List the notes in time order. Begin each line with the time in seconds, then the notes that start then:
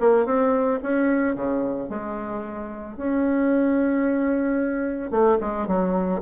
0.00 A#3
0.26 C4
0.83 C#4
1.35 C#3
1.89 G#3
2.97 C#4
5.11 A3
5.41 G#3
5.67 F#3